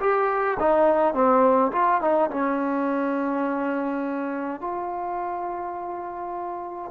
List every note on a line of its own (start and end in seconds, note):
0.00 0.58 G4
0.60 1.14 D#4
1.14 1.72 C4
1.73 2.01 F4
2.01 2.30 D#4
2.31 4.61 C#4
4.61 6.91 F4